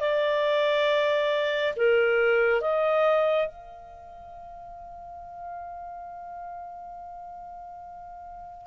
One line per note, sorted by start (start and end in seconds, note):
0.00 1.74 D5
1.76 2.61 A#4
2.61 3.47 D#5
3.47 8.67 F5